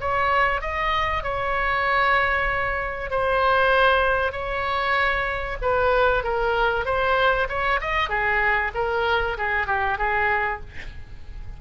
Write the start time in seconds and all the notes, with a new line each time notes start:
0.00 C#5
0.61 D#5
1.23 C#5
3.10 C5
4.32 C#5
5.61 B4
6.24 A#4
6.85 C5
7.49 C#5
7.81 D#5
8.09 G#4
8.74 A#4
9.38 G#4
9.66 G4
9.98 G#4